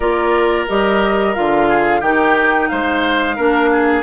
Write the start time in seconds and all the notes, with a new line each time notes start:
0.00 A#3 F4 A#4 D5
0.68 G3 G4 D#5
1.33 D3 F4 F5
1.68 G#4
2.00 D#3 D#4 G4 G5
2.68 G#3 C5 F5
3.36 A#3 D4 A#4
3.71 G#4